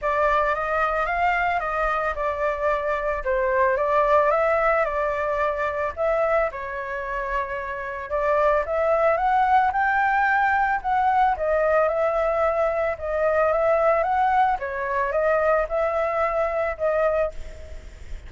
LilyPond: \new Staff \with { instrumentName = "flute" } { \time 4/4 \tempo 4 = 111 d''4 dis''4 f''4 dis''4 | d''2 c''4 d''4 | e''4 d''2 e''4 | cis''2. d''4 |
e''4 fis''4 g''2 | fis''4 dis''4 e''2 | dis''4 e''4 fis''4 cis''4 | dis''4 e''2 dis''4 | }